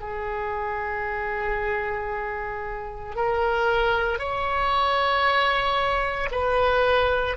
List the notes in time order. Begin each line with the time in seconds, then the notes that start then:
0.00 G#4
3.16 A#4
4.19 C#5
6.31 B4